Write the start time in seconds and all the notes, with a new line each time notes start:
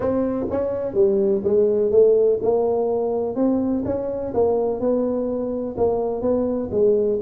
0.00 C4
0.50 C#4
0.93 G3
1.44 G#3
1.91 A3
2.42 A#3
3.35 C4
3.85 C#4
4.34 A#3
4.79 B3
5.77 A#3
6.21 B3
6.71 G#3